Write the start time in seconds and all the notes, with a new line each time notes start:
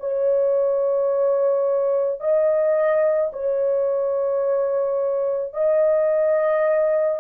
0.00 C#5
2.20 D#5
3.33 C#5
5.54 D#5